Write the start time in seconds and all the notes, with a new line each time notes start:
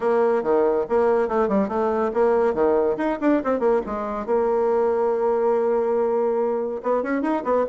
0.00 A#3
0.42 D#3
0.89 A#3
1.28 A3
1.48 G3
1.68 A3
2.13 A#3
2.54 D#3
2.97 D#4
3.21 D4
3.44 C4
3.59 A#3
3.85 G#3
4.26 A#3
6.82 B3
7.02 C#4
7.21 D#4
7.44 B3